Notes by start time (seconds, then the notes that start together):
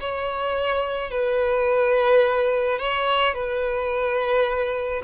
0.00 C#5
1.10 B4
2.79 C#5
3.34 B4